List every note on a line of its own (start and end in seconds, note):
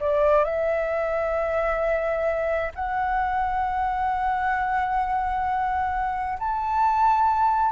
0.00 0.44 D5
0.44 2.71 E5
2.74 6.38 F#5
6.39 7.71 A5